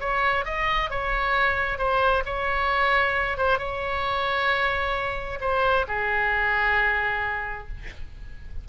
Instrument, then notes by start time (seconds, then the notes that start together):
oboe
0.00 C#5
0.45 D#5
0.90 C#5
1.78 C5
2.25 C#5
3.37 C5
3.58 C#5
5.41 C5
5.88 G#4